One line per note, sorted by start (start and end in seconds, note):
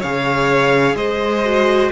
0.00 0.95 C#3
0.00 1.45 G#4
0.00 0.95 C#5
0.00 0.96 F5
0.95 1.91 G#3
0.95 1.92 C5
0.95 1.92 D#5
1.45 1.92 F#4